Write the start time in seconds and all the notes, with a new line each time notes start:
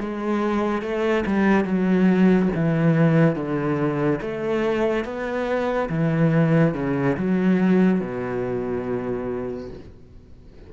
0.00 G#3
0.82 A3
1.26 G3
1.64 F#3
2.55 E3
3.35 D3
4.21 A3
5.05 B3
5.89 E3
6.74 C#3
7.17 F#3
8.01 B2